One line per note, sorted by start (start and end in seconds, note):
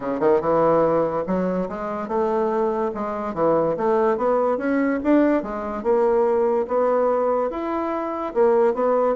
0.00 0.20 C#3
0.20 0.40 D#3
0.40 1.24 E3
1.26 1.68 F#3
1.68 2.08 G#3
2.08 2.91 A3
2.94 3.34 G#3
3.34 3.75 E3
3.76 4.17 A3
4.17 4.57 B3
4.57 4.99 C#4
5.03 5.42 D4
5.42 5.83 G#3
5.83 6.66 A#3
6.67 7.50 B3
7.50 8.33 E4
8.34 8.73 A#3
8.73 9.15 B3